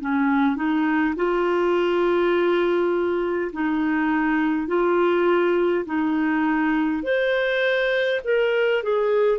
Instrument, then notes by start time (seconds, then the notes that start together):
clarinet
0.00 C#4
0.56 D#4
1.16 F4
3.53 D#4
4.67 F4
5.86 D#4
7.03 C5
8.25 A#4
8.83 G#4